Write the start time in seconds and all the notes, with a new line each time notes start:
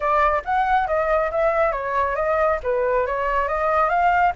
0.00 D5
0.45 F#5
0.87 D#5
1.31 E5
1.72 C#5
2.15 D#5
2.63 B4
3.06 C#5
3.47 D#5
3.89 F5